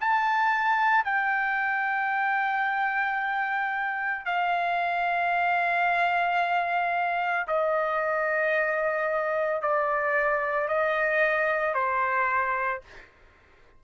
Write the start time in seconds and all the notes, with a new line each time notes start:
0.00 A5
1.04 G5
4.25 F5
7.48 D#5
9.62 D5
10.68 D#5
11.74 C5